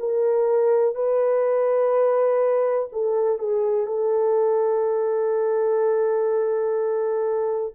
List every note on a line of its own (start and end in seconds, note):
0.00 0.95 A#4
0.95 2.89 B4
2.93 3.39 A4
3.39 3.87 G#4
3.87 7.74 A4